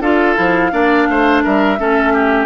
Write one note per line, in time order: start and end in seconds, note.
0.00 0.35 D4
0.00 0.36 F4
0.00 0.71 A4
0.00 1.43 F5
0.36 0.72 F3
0.36 0.71 E4
0.72 1.07 A#3
0.72 1.78 D4
0.72 1.08 D5
1.08 1.44 A3
1.08 1.43 C5
1.43 1.79 G3
1.43 1.78 A#4
1.43 2.46 E5
1.79 2.46 A3
1.79 2.46 C#4
1.79 2.13 A4
2.13 2.46 G4